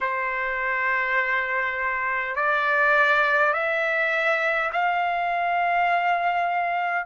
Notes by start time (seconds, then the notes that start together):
0.00 C5
2.35 D5
3.53 E5
4.72 F5